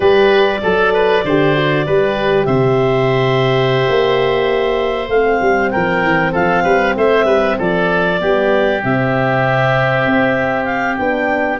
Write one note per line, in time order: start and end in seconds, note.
0.00 0.61 G3
0.00 0.61 G4
0.00 0.60 B4
0.00 2.45 D5
0.62 1.24 F#3
0.62 0.93 A4
0.62 1.26 A4
0.93 1.24 B4
1.24 1.86 D3
1.24 1.55 G4
1.24 1.85 C5
1.55 1.86 F#4
1.85 2.47 G3
1.85 5.11 G4
1.85 2.47 B4
2.45 3.86 C3
2.45 5.71 C5
2.45 5.08 E5
3.88 5.08 A#3
5.08 5.39 A3
5.08 8.19 C4
5.08 5.70 F5
5.41 5.72 G3
5.70 6.02 F3
5.70 6.32 A#4
5.70 6.32 G5
6.02 6.33 E3
6.32 6.64 F3
6.32 6.63 A4
6.32 6.96 F5
6.63 6.95 G3
6.63 6.94 B4
6.97 7.24 A3
6.97 7.25 C5
6.97 7.59 E5
7.24 7.55 G3
7.24 7.56 B4
7.58 8.22 F3
7.58 8.20 A4
7.58 8.83 D5
8.19 8.84 G3
8.19 8.80 B3
8.19 11.60 G4
8.80 10.05 C3
8.80 10.97 C4
8.80 10.65 E5
10.05 10.98 C4
10.65 10.95 F5
10.96 11.60 B3
10.96 11.60 D4
10.96 11.58 G5